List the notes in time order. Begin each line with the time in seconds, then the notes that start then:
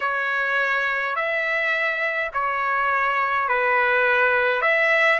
0.00 C#5
1.15 E5
2.33 C#5
3.48 B4
4.61 E5